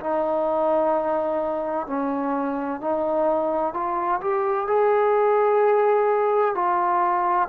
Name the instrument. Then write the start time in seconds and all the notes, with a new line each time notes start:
trombone
0.00 D#4
1.87 C#4
2.81 D#4
3.74 F4
4.21 G4
4.67 G#4
6.55 F4